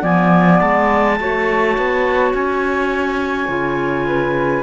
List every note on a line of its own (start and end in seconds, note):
0.00 0.60 F3
0.00 1.15 B3
0.00 1.17 D5
0.00 0.59 G#5
0.59 1.20 G#3
0.59 2.32 A5
1.19 1.78 A3
1.19 3.48 F#4
1.19 4.07 C#5
1.78 2.33 B3
2.33 3.49 C#4
2.33 4.63 G#5
3.48 4.63 C#3
3.48 4.63 F4
4.07 4.63 B4